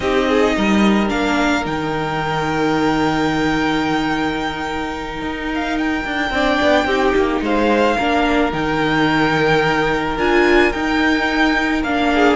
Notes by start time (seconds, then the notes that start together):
0.00 C4 D#4 G4 D#5
0.28 G#4
0.56 G3 A#4
1.08 A#3 D4 F5
1.64 D#3 D#4 G5
5.21 D#4
5.54 F5
5.78 G5
6.04 D4
6.30 C4 D4 D5
6.61 B3
6.84 C4 D#4 G4
7.15 A#3
7.41 G#3 C5 F5
7.97 A#3 D4 A#4
8.51 D#3 D#4 G5
10.17 D4 F4 G#5
10.72 D#4 G5
11.83 A#3 D4 F5
12.14 G#4